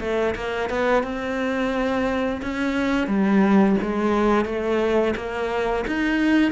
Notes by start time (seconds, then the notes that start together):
0.00 A3
0.35 A#3
0.69 B3
1.03 C4
2.42 C#4
3.07 G3
3.82 G#3
4.45 A3
5.16 A#3
5.87 D#4